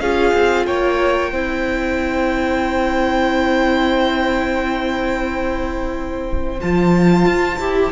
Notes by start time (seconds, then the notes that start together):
0.00 C#4 F4 G#4 F5
0.34 C4
0.67 A#3 C#5 G5
1.33 C4 E4 C5
6.61 F3 F4 A5
7.26 F4
7.59 E4 G4